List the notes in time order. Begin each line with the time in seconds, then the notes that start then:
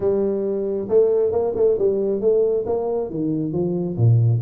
0.00 G3
0.88 A3
1.32 A#3
1.55 A3
1.78 G3
2.20 A3
2.66 A#3
3.10 D#3
3.52 F3
3.96 A#2